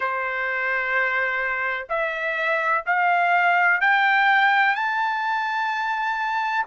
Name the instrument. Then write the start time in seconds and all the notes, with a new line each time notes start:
trumpet
0.00 C5
1.89 E5
2.86 F5
3.81 G5
4.74 A5